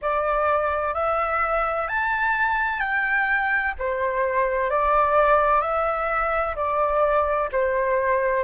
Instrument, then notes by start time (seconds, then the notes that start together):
flute
0.01 D5
0.94 E5
1.87 A5
2.80 G5
3.78 C5
4.70 D5
5.61 E5
6.55 D5
7.52 C5